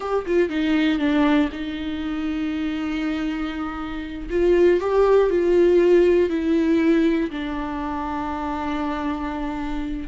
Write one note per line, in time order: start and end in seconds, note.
0.00 0.25 G4
0.26 0.49 F4
0.49 0.99 D#4
0.99 1.49 D4
1.52 4.29 D#4
4.30 4.80 F4
4.80 5.29 G4
5.29 6.29 F4
6.29 7.30 E4
7.30 10.07 D4